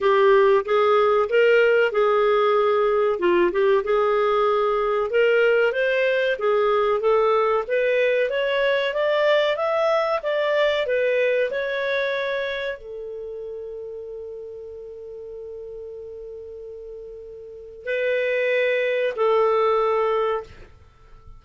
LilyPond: \new Staff \with { instrumentName = "clarinet" } { \time 4/4 \tempo 4 = 94 g'4 gis'4 ais'4 gis'4~ | gis'4 f'8 g'8 gis'2 | ais'4 c''4 gis'4 a'4 | b'4 cis''4 d''4 e''4 |
d''4 b'4 cis''2 | a'1~ | a'1 | b'2 a'2 | }